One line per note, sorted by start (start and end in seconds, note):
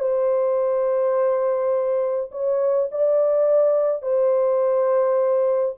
0.00 2.31 C5
2.32 2.90 C#5
2.92 4.03 D5
4.03 5.76 C5